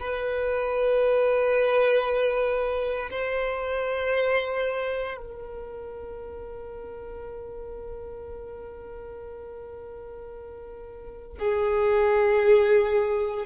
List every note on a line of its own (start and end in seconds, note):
0.00 3.10 B4
3.11 5.18 C5
5.18 11.38 A#4
11.39 13.46 G#4